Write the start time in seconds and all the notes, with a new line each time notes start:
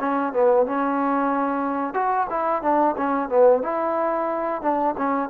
0.00 C#4
0.33 B3
0.66 C#4
1.94 F#4
2.30 E4
2.62 D4
2.97 C#4
3.29 B3
3.63 E4
4.62 D4
4.98 C#4